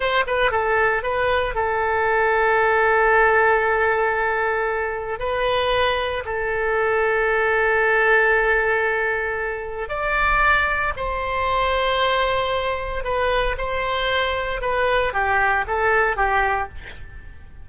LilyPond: \new Staff \with { instrumentName = "oboe" } { \time 4/4 \tempo 4 = 115 c''8 b'8 a'4 b'4 a'4~ | a'1~ | a'2 b'2 | a'1~ |
a'2. d''4~ | d''4 c''2.~ | c''4 b'4 c''2 | b'4 g'4 a'4 g'4 | }